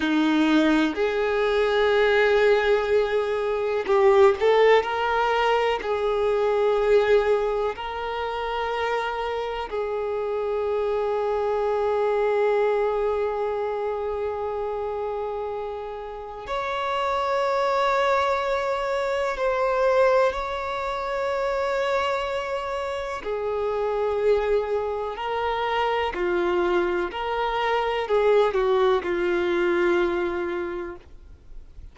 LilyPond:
\new Staff \with { instrumentName = "violin" } { \time 4/4 \tempo 4 = 62 dis'4 gis'2. | g'8 a'8 ais'4 gis'2 | ais'2 gis'2~ | gis'1~ |
gis'4 cis''2. | c''4 cis''2. | gis'2 ais'4 f'4 | ais'4 gis'8 fis'8 f'2 | }